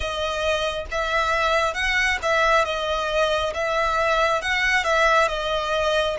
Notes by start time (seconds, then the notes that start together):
0.00 D#5
0.91 E5
1.74 F#5
2.22 E5
2.65 D#5
3.54 E5
4.41 F#5
4.83 E5
5.28 D#5